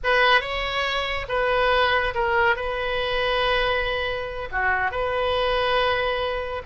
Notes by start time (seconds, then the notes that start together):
0.03 B4
0.40 C#5
1.28 B4
2.14 A#4
2.56 B4
4.51 F#4
4.91 B4